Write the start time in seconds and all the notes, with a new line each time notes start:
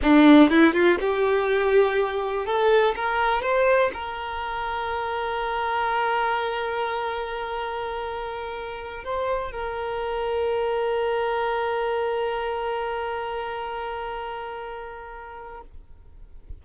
0.02 D4
0.50 E4
0.73 F4
1.00 G4
2.45 A4
2.95 A#4
3.42 C5
3.93 A#4
9.04 C5
9.51 A#4